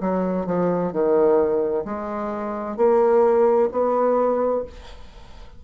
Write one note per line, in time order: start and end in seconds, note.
0.00 0.46 F#3
0.46 0.92 F3
0.92 1.84 D#3
1.85 2.77 G#3
2.77 3.69 A#3
3.71 4.64 B3